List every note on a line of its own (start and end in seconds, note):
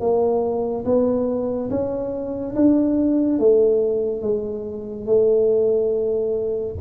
0.00 0.85 A#3
0.85 1.69 B3
1.70 2.55 C#4
2.55 3.39 D4
3.39 4.22 A3
4.22 5.06 G#3
5.06 6.75 A3